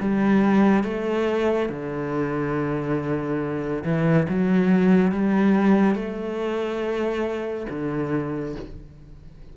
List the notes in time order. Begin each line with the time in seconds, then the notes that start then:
0.00 G3
0.84 A3
1.69 D3
3.84 E3
4.29 F#3
5.12 G3
5.95 A3
7.69 D3